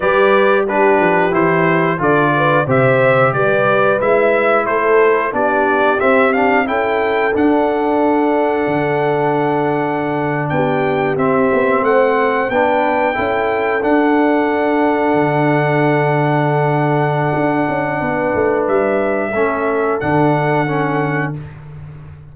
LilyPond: <<
  \new Staff \with { instrumentName = "trumpet" } { \time 4/4 \tempo 4 = 90 d''4 b'4 c''4 d''4 | e''4 d''4 e''4 c''4 | d''4 e''8 f''8 g''4 fis''4~ | fis''2.~ fis''8. g''16~ |
g''8. e''4 fis''4 g''4~ g''16~ | g''8. fis''2.~ fis''16~ | fis''1 | e''2 fis''2 | }
  \new Staff \with { instrumentName = "horn" } { \time 4/4 b'4 g'2 a'8 b'8 | c''4 b'2 a'4 | g'2 a'2~ | a'2.~ a'8. g'16~ |
g'4.~ g'16 c''4 b'4 a'16~ | a'1~ | a'2. b'4~ | b'4 a'2. | }
  \new Staff \with { instrumentName = "trombone" } { \time 4/4 g'4 d'4 e'4 f'4 | g'2 e'2 | d'4 c'8 d'8 e'4 d'4~ | d'1~ |
d'8. c'2 d'4 e'16~ | e'8. d'2.~ d'16~ | d'1~ | d'4 cis'4 d'4 cis'4 | }
  \new Staff \with { instrumentName = "tuba" } { \time 4/4 g4. f8 e4 d4 | c4 g4 gis4 a4 | b4 c'4 cis'4 d'4~ | d'4 d2~ d8. b16~ |
b8. c'8 b8 a4 b4 cis'16~ | cis'8. d'2 d4~ d16~ | d2 d'8 cis'8 b8 a8 | g4 a4 d2 | }
>>